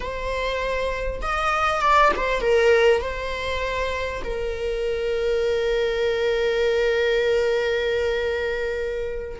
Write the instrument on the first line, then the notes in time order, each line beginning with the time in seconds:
viola
0.00 C5
1.21 D#5
1.81 D5
2.16 C5
2.41 A#4
3.01 C5
4.23 A#4